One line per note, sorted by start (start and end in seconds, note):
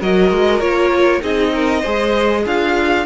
0.00 0.30 F#3
0.00 0.60 F#4
0.00 1.22 A#4
0.00 0.60 D#5
0.30 0.60 G#3
0.60 1.21 A#3
0.60 1.21 F4
0.60 1.21 C#5
1.21 1.83 C4
1.21 1.82 D#4
1.21 1.52 G#4
1.21 2.46 D#5
1.54 1.81 A#4
1.81 2.45 G#3
1.81 3.06 G#4
1.81 2.42 C5
2.45 3.06 D4
2.45 3.06 F4
2.45 3.06 F5